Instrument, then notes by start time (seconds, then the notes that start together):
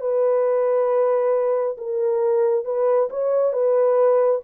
horn
0.00 B4
1.77 A#4
2.65 B4
3.10 C#5
3.53 B4